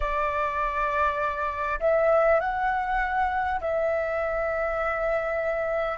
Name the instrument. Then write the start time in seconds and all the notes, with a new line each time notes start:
flute
0.00 D5
1.80 E5
2.39 F#5
3.61 E5